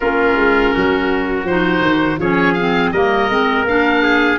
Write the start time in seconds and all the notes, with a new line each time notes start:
0.00 A#3 C#4 F4 A#4
0.35 G#3
0.73 F#3 F#4
1.44 F3 D#4 C5
1.81 D#3
2.18 F3 C#4 G#4 C#5
2.53 C4 F5
2.92 G3 A#3 A#4 D#5
3.29 G#3 C4
3.64 A#3 D4 F5
4.03 G#4